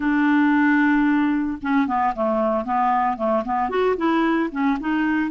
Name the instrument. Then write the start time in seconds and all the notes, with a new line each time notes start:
clarinet
0.00 D4
1.62 C#4
1.87 B3
2.15 A3
2.64 B3
3.17 A3
3.44 B3
3.69 F#4
3.97 E4
4.51 C#4
4.80 D#4